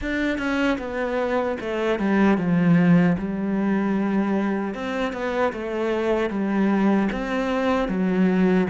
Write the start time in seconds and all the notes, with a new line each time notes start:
0.01 D4
0.38 C#4
0.78 B3
1.60 A3
1.99 G3
2.37 F3
3.18 G3
4.74 C4
5.12 B3
5.53 A3
6.29 G3
7.12 C4
7.88 F#3